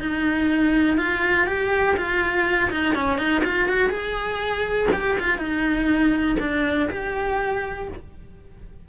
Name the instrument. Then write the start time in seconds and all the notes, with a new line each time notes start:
cello
0.00 D#4
0.98 F4
1.47 G4
1.97 F4
2.71 D#4
2.95 C#4
3.18 D#4
3.45 F4
3.69 F#4
3.90 G#4
4.93 G4
5.19 F4
5.38 D#4
6.40 D4
6.90 G4